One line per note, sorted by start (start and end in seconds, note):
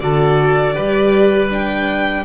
0.00 0.77 D3
0.00 0.74 F#4
0.00 0.75 A4
0.00 1.50 D5
0.74 2.25 G3
0.74 1.49 G4
0.74 2.25 B4
1.50 2.25 D4
1.50 2.25 G5